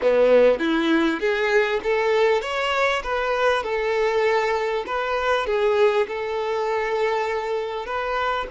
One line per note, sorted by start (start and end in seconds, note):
0.01 0.59 B3
0.59 1.20 E4
1.20 1.80 G#4
1.83 2.41 A4
2.41 3.02 C#5
3.03 3.63 B4
3.63 4.84 A4
4.86 5.46 B4
5.46 6.06 G#4
6.07 7.86 A4
7.86 8.46 B4